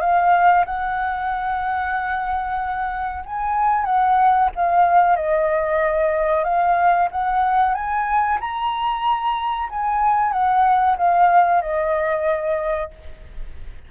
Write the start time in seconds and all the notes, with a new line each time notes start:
0.00 F5
0.65 F#5
3.25 G#5
3.85 F#5
4.55 F5
5.16 D#5
6.44 F5
7.11 F#5
7.74 G#5
8.40 A#5
9.69 G#5
10.32 F#5
10.97 F5
11.62 D#5